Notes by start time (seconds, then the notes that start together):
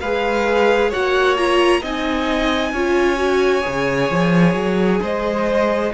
0.00 G#3 G#4 B4 F5
0.90 A#3 F#4 C#5 F#5
1.37 F4 A#5
1.81 C4 D#4 D#5 G#5
2.72 C#4 F4 C#5
3.16 F#4
3.62 C#3 G#4
4.10 F3
4.54 F#3
5.02 G#3 C5 D#5